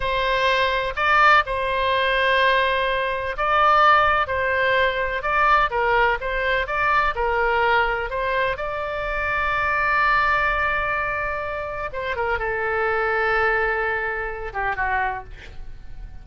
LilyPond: \new Staff \with { instrumentName = "oboe" } { \time 4/4 \tempo 4 = 126 c''2 d''4 c''4~ | c''2. d''4~ | d''4 c''2 d''4 | ais'4 c''4 d''4 ais'4~ |
ais'4 c''4 d''2~ | d''1~ | d''4 c''8 ais'8 a'2~ | a'2~ a'8 g'8 fis'4 | }